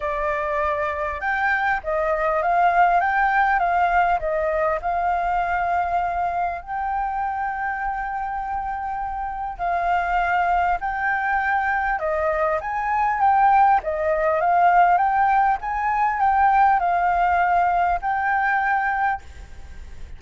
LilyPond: \new Staff \with { instrumentName = "flute" } { \time 4/4 \tempo 4 = 100 d''2 g''4 dis''4 | f''4 g''4 f''4 dis''4 | f''2. g''4~ | g''1 |
f''2 g''2 | dis''4 gis''4 g''4 dis''4 | f''4 g''4 gis''4 g''4 | f''2 g''2 | }